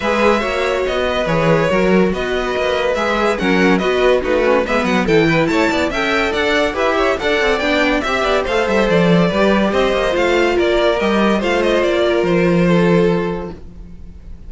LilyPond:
<<
  \new Staff \with { instrumentName = "violin" } { \time 4/4 \tempo 4 = 142 e''2 dis''4 cis''4~ | cis''4 dis''2 e''4 | fis''4 dis''4 b'4 e''8 fis''8 | g''4 a''4 g''4 fis''4 |
e''4 fis''4 g''4 e''4 | f''8 e''8 d''2 dis''4 | f''4 d''4 dis''4 f''8 dis''8 | d''4 c''2. | }
  \new Staff \with { instrumentName = "violin" } { \time 4/4 b'4 cis''4. b'4. | ais'4 b'2. | ais'4 b'4 fis'4 b'4 | a'8 b'8 cis''8 d''8 e''4 d''4 |
b'8 cis''8 d''2 e''8 d''8 | c''2 b'4 c''4~ | c''4 ais'2 c''4~ | c''8 ais'4. a'2 | }
  \new Staff \with { instrumentName = "viola" } { \time 4/4 gis'4 fis'2 gis'4 | fis'2. gis'4 | cis'4 fis'4 dis'8 cis'8 b4 | e'2 a'2 |
g'4 a'4 d'4 g'4 | a'2 g'2 | f'2 g'4 f'4~ | f'1 | }
  \new Staff \with { instrumentName = "cello" } { \time 4/4 gis4 ais4 b4 e4 | fis4 b4 ais4 gis4 | fis4 b4 a4 gis8 fis8 | e4 a8 b8 cis'4 d'4 |
e'4 d'8 c'8 b4 c'8 b8 | a8 g8 f4 g4 c'8 ais8 | a4 ais4 g4 a4 | ais4 f2. | }
>>